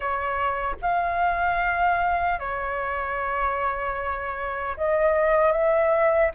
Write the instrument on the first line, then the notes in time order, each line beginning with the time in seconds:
flute
0.00 C#5
0.81 F5
2.39 C#5
4.76 D#5
5.52 E5